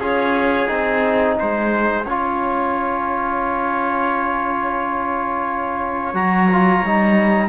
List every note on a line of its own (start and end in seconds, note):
0.00 0.68 C#4
0.00 0.68 F4
0.00 1.37 G#4
0.00 0.70 C#5
0.68 1.39 C4
0.68 2.05 D#4
0.68 6.15 G#5
1.39 2.07 G#3
1.39 2.05 C5
2.05 6.14 C#4
2.05 6.15 F4
2.05 7.50 C#5
6.14 6.82 F#3
6.14 6.49 F#4
6.14 7.50 A#5
6.52 6.86 F4
6.83 7.50 G3
6.83 7.50 D#4